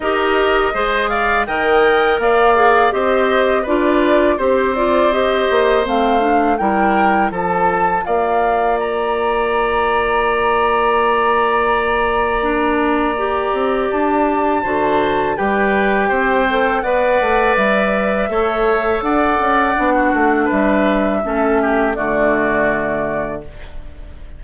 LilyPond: <<
  \new Staff \with { instrumentName = "flute" } { \time 4/4 \tempo 4 = 82 dis''4. f''8 g''4 f''4 | dis''4 d''4 c''8 d''8 dis''4 | f''4 g''4 a''4 f''4 | ais''1~ |
ais''2. a''4~ | a''4 g''2 fis''4 | e''2 fis''2 | e''2 d''2 | }
  \new Staff \with { instrumentName = "oboe" } { \time 4/4 ais'4 c''8 d''8 dis''4 d''4 | c''4 b'4 c''2~ | c''4 ais'4 a'4 d''4~ | d''1~ |
d''1 | c''4 b'4 c''4 d''4~ | d''4 cis''4 d''4~ d''16 fis'8. | b'4 a'8 g'8 fis'2 | }
  \new Staff \with { instrumentName = "clarinet" } { \time 4/4 g'4 gis'4 ais'4. gis'8 | g'4 f'4 g'8 f'8 g'4 | c'8 d'8 e'4 f'2~ | f'1~ |
f'4 d'4 g'2 | fis'4 g'4. a'8 b'4~ | b'4 a'2 d'4~ | d'4 cis'4 a2 | }
  \new Staff \with { instrumentName = "bassoon" } { \time 4/4 dis'4 gis4 dis4 ais4 | c'4 d'4 c'4. ais8 | a4 g4 f4 ais4~ | ais1~ |
ais2~ ais8 c'8 d'4 | d4 g4 c'4 b8 a8 | g4 a4 d'8 cis'8 b8 a8 | g4 a4 d2 | }
>>